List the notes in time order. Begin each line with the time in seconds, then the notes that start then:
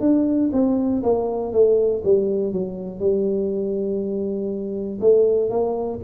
0.00 D4
0.52 C4
1.03 A#3
1.52 A3
2.04 G3
2.53 F#3
3.00 G3
5.01 A3
5.50 A#3